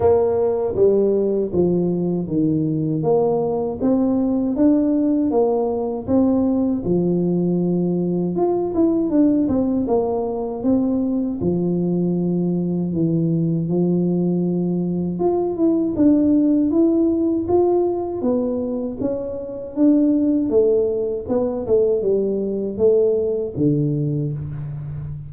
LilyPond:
\new Staff \with { instrumentName = "tuba" } { \time 4/4 \tempo 4 = 79 ais4 g4 f4 dis4 | ais4 c'4 d'4 ais4 | c'4 f2 f'8 e'8 | d'8 c'8 ais4 c'4 f4~ |
f4 e4 f2 | f'8 e'8 d'4 e'4 f'4 | b4 cis'4 d'4 a4 | b8 a8 g4 a4 d4 | }